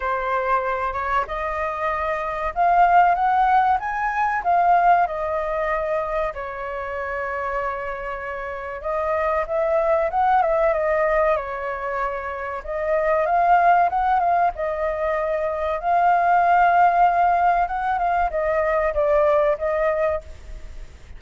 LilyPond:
\new Staff \with { instrumentName = "flute" } { \time 4/4 \tempo 4 = 95 c''4. cis''8 dis''2 | f''4 fis''4 gis''4 f''4 | dis''2 cis''2~ | cis''2 dis''4 e''4 |
fis''8 e''8 dis''4 cis''2 | dis''4 f''4 fis''8 f''8 dis''4~ | dis''4 f''2. | fis''8 f''8 dis''4 d''4 dis''4 | }